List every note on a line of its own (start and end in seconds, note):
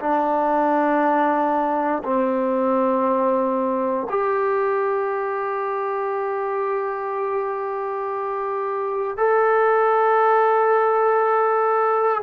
0.00 2.03 D4
2.04 4.08 C4
4.10 9.18 G4
9.18 12.23 A4